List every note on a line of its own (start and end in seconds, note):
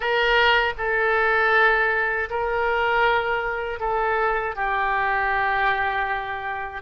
0.00 0.73 A#4
0.77 2.29 A4
2.30 3.79 A#4
3.79 4.55 A4
4.55 6.81 G4